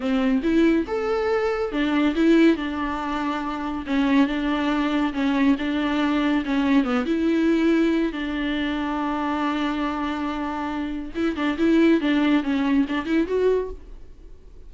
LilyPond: \new Staff \with { instrumentName = "viola" } { \time 4/4 \tempo 4 = 140 c'4 e'4 a'2 | d'4 e'4 d'2~ | d'4 cis'4 d'2 | cis'4 d'2 cis'4 |
b8 e'2~ e'8 d'4~ | d'1~ | d'2 e'8 d'8 e'4 | d'4 cis'4 d'8 e'8 fis'4 | }